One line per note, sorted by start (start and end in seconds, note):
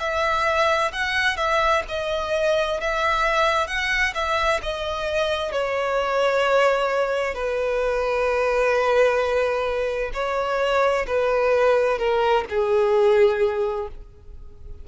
0.00 0.92 E5
0.93 1.37 F#5
1.37 1.83 E5
1.89 2.81 D#5
2.81 3.68 E5
3.68 4.14 F#5
4.15 4.61 E5
4.63 5.53 D#5
5.53 7.35 C#5
7.35 10.12 B4
10.14 11.06 C#5
11.07 11.99 B4
11.99 12.45 A#4
12.50 13.88 G#4